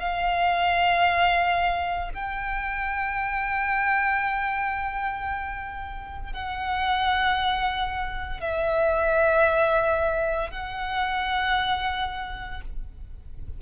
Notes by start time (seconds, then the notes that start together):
0.00 F5
2.14 G5
6.33 F#5
8.41 E5
10.51 F#5